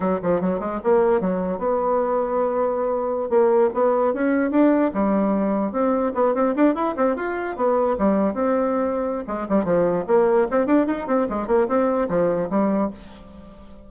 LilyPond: \new Staff \with { instrumentName = "bassoon" } { \time 4/4 \tempo 4 = 149 fis8 f8 fis8 gis8 ais4 fis4 | b1~ | b16 ais4 b4 cis'4 d'8.~ | d'16 g2 c'4 b8 c'16~ |
c'16 d'8 e'8 c'8 f'4 b4 g16~ | g8. c'2~ c'16 gis8 g8 | f4 ais4 c'8 d'8 dis'8 c'8 | gis8 ais8 c'4 f4 g4 | }